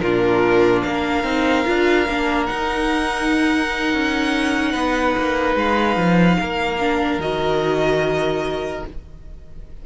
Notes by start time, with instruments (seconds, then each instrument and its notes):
0.00 cello A#2, violin F4 A#4
0.06 viola D4
0.83 cello A#3, violin A#4 F5
1.24 cello C4, viola D#4
1.65 cello D4, viola F4
2.09 cello A#3, viola D4
2.46 viola D#4, cello D#4, violin F#5
3.94 cello C#4
4.73 cello B3, violin B4
5.18 cello A#3
5.56 cello G#3, violin F5
5.97 cello F3
6.40 cello A#3, violin A#4
6.80 viola D4
7.19 cello D#3, viola F#4, violin D#5